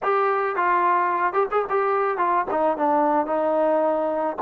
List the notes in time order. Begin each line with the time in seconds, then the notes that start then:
0.03 G4
0.56 F4
1.33 G4
1.51 G#4
1.69 G4
2.17 F4
2.50 D#4
2.77 D4
3.26 D#4